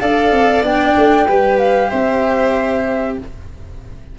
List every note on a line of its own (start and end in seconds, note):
0.00 0.32 D4
0.00 0.64 A4
0.00 1.27 D5
0.00 0.63 F5
0.32 0.62 C4
0.62 0.94 B3
0.62 1.27 D4
0.62 1.59 G5
0.97 1.28 A3
1.27 1.91 G3
1.27 3.18 G4
1.27 1.89 B4
1.59 1.90 F5
1.89 3.18 C4
1.89 3.15 C5
1.89 3.17 E5